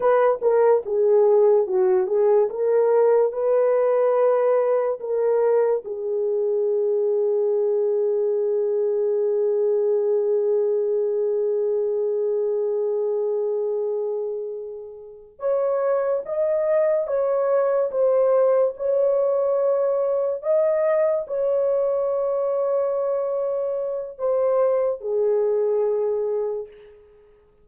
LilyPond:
\new Staff \with { instrumentName = "horn" } { \time 4/4 \tempo 4 = 72 b'8 ais'8 gis'4 fis'8 gis'8 ais'4 | b'2 ais'4 gis'4~ | gis'1~ | gis'1~ |
gis'2~ gis'8 cis''4 dis''8~ | dis''8 cis''4 c''4 cis''4.~ | cis''8 dis''4 cis''2~ cis''8~ | cis''4 c''4 gis'2 | }